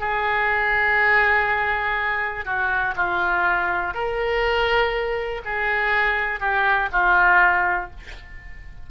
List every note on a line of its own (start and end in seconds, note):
0.00 2.45 G#4
2.45 2.94 F#4
2.96 3.94 F4
3.94 5.41 A#4
5.45 6.40 G#4
6.40 6.89 G4
6.92 7.90 F4